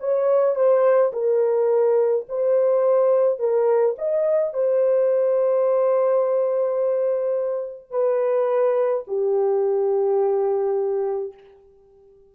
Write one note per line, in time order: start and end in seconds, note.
0.00 0.56 C#5
0.56 1.12 C5
1.13 2.26 A#4
2.29 3.39 C5
3.39 3.96 A#4
3.98 4.53 D#5
4.53 7.91 C5
7.91 9.04 B4
9.07 11.34 G4